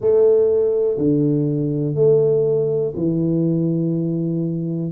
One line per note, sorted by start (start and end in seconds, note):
0.00 0.97 A3
0.97 1.94 D3
1.94 2.92 A3
2.95 4.91 E3